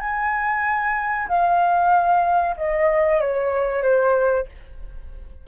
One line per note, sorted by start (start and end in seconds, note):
0.00 1.28 G#5
1.28 2.56 F5
2.56 3.20 D#5
3.20 3.83 C#5
3.83 4.47 C5